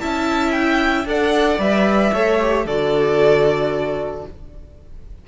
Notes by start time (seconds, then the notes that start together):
0.00 C#4 E4 E5 A5
0.52 G5
1.05 D4 A4 D5 F#5
1.59 G3 B4 E5
2.14 A3 A4 C#5
2.41 G4
2.65 D3 F#4 A4 D5